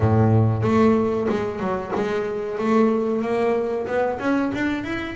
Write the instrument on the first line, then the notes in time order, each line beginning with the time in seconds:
double bass
0.00 A2
0.62 A3
1.29 G#3
1.59 F#3
1.95 G#3
2.58 A3
3.21 A#3
3.86 B3
4.19 C#4
4.54 D4
4.84 E4